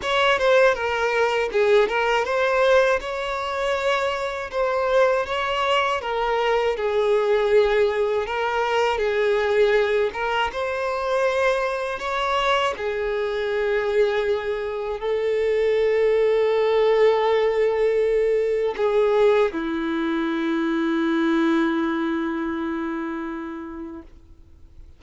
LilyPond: \new Staff \with { instrumentName = "violin" } { \time 4/4 \tempo 4 = 80 cis''8 c''8 ais'4 gis'8 ais'8 c''4 | cis''2 c''4 cis''4 | ais'4 gis'2 ais'4 | gis'4. ais'8 c''2 |
cis''4 gis'2. | a'1~ | a'4 gis'4 e'2~ | e'1 | }